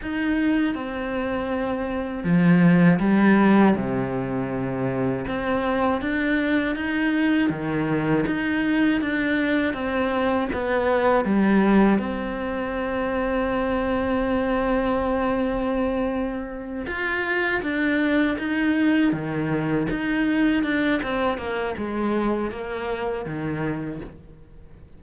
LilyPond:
\new Staff \with { instrumentName = "cello" } { \time 4/4 \tempo 4 = 80 dis'4 c'2 f4 | g4 c2 c'4 | d'4 dis'4 dis4 dis'4 | d'4 c'4 b4 g4 |
c'1~ | c'2~ c'8 f'4 d'8~ | d'8 dis'4 dis4 dis'4 d'8 | c'8 ais8 gis4 ais4 dis4 | }